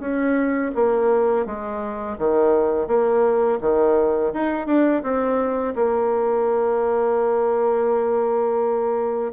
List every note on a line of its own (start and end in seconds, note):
0.00 0.71 C#4
0.75 1.46 A#3
1.46 2.17 G#3
2.18 2.87 D#3
2.87 3.59 A#3
3.61 4.33 D#3
4.33 4.67 D#4
4.67 5.03 D4
5.03 5.74 C4
5.76 9.33 A#3